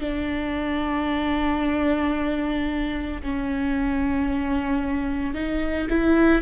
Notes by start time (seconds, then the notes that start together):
0.00 D4
3.22 C#4
5.34 D#4
5.89 E4